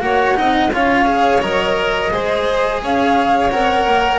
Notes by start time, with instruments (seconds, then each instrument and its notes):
0.00 double bass A#3, cello F#4, violin C#5, flute F#5
0.34 double bass C4, cello D#4, violin D#5
0.73 double bass C#4, cello F4, violin C#5, flute F5
1.05 cello G#4
1.41 double bass F#3, cello A#4, flute D#5
2.11 double bass G#3, cello G#4, violin C5
2.82 double bass C#4, violin C#5, flute F5
3.50 double bass C4, cello A#4, flute F#5
3.86 double bass A#3